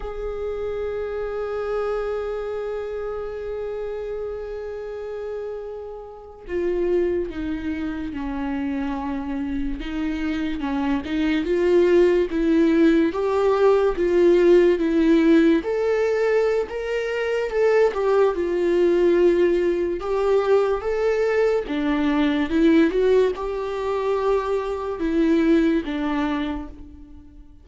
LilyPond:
\new Staff \with { instrumentName = "viola" } { \time 4/4 \tempo 4 = 72 gis'1~ | gis'2.~ gis'8. f'16~ | f'8. dis'4 cis'2 dis'16~ | dis'8. cis'8 dis'8 f'4 e'4 g'16~ |
g'8. f'4 e'4 a'4~ a'16 | ais'4 a'8 g'8 f'2 | g'4 a'4 d'4 e'8 fis'8 | g'2 e'4 d'4 | }